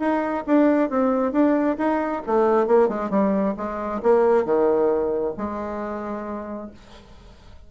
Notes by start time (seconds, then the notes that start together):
0.00 D#4
0.47 D4
0.90 C4
1.33 D4
1.78 D#4
2.27 A3
2.67 A#3
2.89 G#3
3.11 G3
3.58 G#3
4.03 A#3
4.45 D#3
5.38 G#3